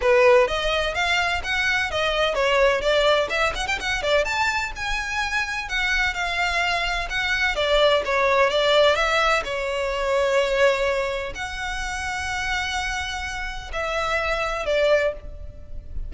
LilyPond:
\new Staff \with { instrumentName = "violin" } { \time 4/4 \tempo 4 = 127 b'4 dis''4 f''4 fis''4 | dis''4 cis''4 d''4 e''8 fis''16 g''16 | fis''8 d''8 a''4 gis''2 | fis''4 f''2 fis''4 |
d''4 cis''4 d''4 e''4 | cis''1 | fis''1~ | fis''4 e''2 d''4 | }